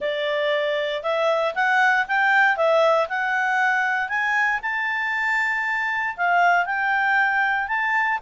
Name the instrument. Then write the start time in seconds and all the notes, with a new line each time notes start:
clarinet
0.00 D5
1.03 E5
1.55 F#5
2.07 G5
2.56 E5
3.08 F#5
4.08 G#5
4.62 A5
6.17 F5
6.65 G5
7.67 A5